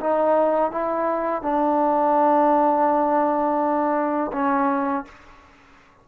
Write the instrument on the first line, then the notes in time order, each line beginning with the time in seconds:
trombone
0.00 D#4
0.71 E4
1.42 D4
4.32 C#4